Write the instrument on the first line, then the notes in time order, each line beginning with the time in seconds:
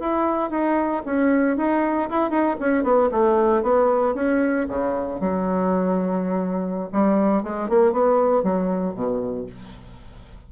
bassoon
0.00 E4
0.50 D#4
1.06 C#4
1.57 D#4
2.10 E4
2.30 D#4
2.60 C#4
2.83 B3
3.12 A3
3.63 B3
4.15 C#4
4.68 C#3
5.20 F#3
6.92 G3
7.43 G#3
7.69 A#3
7.92 B3
8.43 F#3
8.94 B2